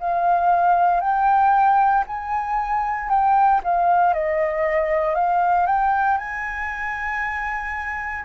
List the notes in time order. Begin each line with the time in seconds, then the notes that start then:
0.00 F5
1.01 G5
2.07 G#5
3.09 G5
3.64 F5
4.14 D#5
5.15 F5
5.67 G5
6.17 G#5